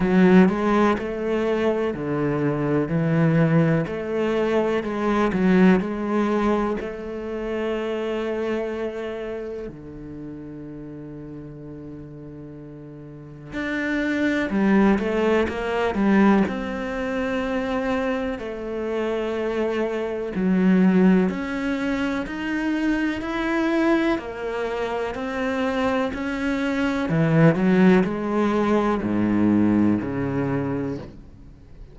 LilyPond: \new Staff \with { instrumentName = "cello" } { \time 4/4 \tempo 4 = 62 fis8 gis8 a4 d4 e4 | a4 gis8 fis8 gis4 a4~ | a2 d2~ | d2 d'4 g8 a8 |
ais8 g8 c'2 a4~ | a4 fis4 cis'4 dis'4 | e'4 ais4 c'4 cis'4 | e8 fis8 gis4 gis,4 cis4 | }